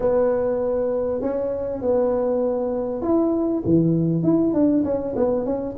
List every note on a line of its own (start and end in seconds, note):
0.00 1.21 B3
1.21 1.81 C#4
1.81 3.02 B3
3.02 3.62 E4
3.65 4.23 E3
4.23 4.53 E4
4.53 4.83 D4
4.84 5.14 C#4
5.15 5.45 B3
5.45 5.75 C#4